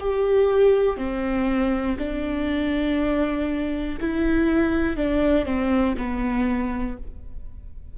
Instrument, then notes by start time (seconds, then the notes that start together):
viola
0.00 G4
0.98 C4
1.99 D4
4.01 E4
4.97 D4
5.46 C4
5.98 B3